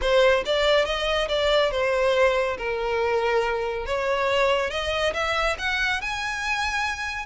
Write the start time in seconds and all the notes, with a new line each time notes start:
0.01 C5
0.45 D5
0.85 D#5
1.28 D5
1.71 C5
2.57 A#4
3.86 C#5
4.70 D#5
5.13 E5
5.58 F#5
6.01 G#5